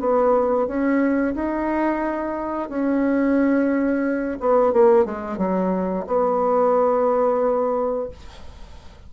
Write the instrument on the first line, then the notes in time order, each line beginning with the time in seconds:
bassoon
0.00 B3
0.67 C#4
1.35 D#4
2.70 C#4
4.41 B3
4.73 A#3
5.06 G#3
5.38 F#3
6.07 B3